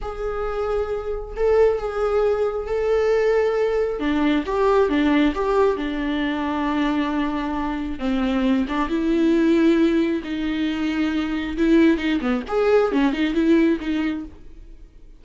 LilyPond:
\new Staff \with { instrumentName = "viola" } { \time 4/4 \tempo 4 = 135 gis'2. a'4 | gis'2 a'2~ | a'4 d'4 g'4 d'4 | g'4 d'2.~ |
d'2 c'4. d'8 | e'2. dis'4~ | dis'2 e'4 dis'8 b8 | gis'4 cis'8 dis'8 e'4 dis'4 | }